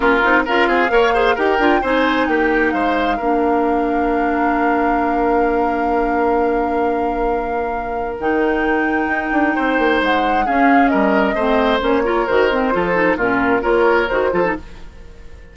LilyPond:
<<
  \new Staff \with { instrumentName = "flute" } { \time 4/4 \tempo 4 = 132 ais'4 f''2 g''4 | gis''4 g''4 f''2~ | f''1~ | f''1~ |
f''2 g''2~ | g''2 fis''4 f''4 | dis''2 cis''4 c''4~ | c''4 ais'4 cis''4 c''4 | }
  \new Staff \with { instrumentName = "oboe" } { \time 4/4 f'4 ais'8 gis'8 cis''8 c''8 ais'4 | c''4 g'4 c''4 ais'4~ | ais'1~ | ais'1~ |
ais'1~ | ais'4 c''2 gis'4 | ais'4 c''4. ais'4. | a'4 f'4 ais'4. a'8 | }
  \new Staff \with { instrumentName = "clarinet" } { \time 4/4 cis'8 dis'8 f'4 ais'8 gis'8 g'8 f'8 | dis'2. d'4~ | d'1~ | d'1~ |
d'2 dis'2~ | dis'2. cis'4~ | cis'4 c'4 cis'8 f'8 fis'8 c'8 | f'8 dis'8 cis'4 f'4 fis'8 f'16 dis'16 | }
  \new Staff \with { instrumentName = "bassoon" } { \time 4/4 ais8 c'8 cis'8 c'8 ais4 dis'8 d'8 | c'4 ais4 gis4 ais4~ | ais1~ | ais1~ |
ais2 dis2 | dis'8 d'8 c'8 ais8 gis4 cis'4 | g4 a4 ais4 dis4 | f4 ais,4 ais4 dis8 f8 | }
>>